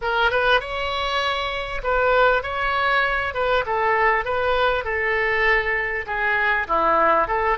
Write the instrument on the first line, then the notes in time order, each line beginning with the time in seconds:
oboe
0.01 A#4
0.31 B4
0.60 C#5
1.83 B4
2.42 C#5
3.34 B4
3.66 A4
4.24 B4
4.84 A4
6.06 G#4
6.67 E4
7.27 A4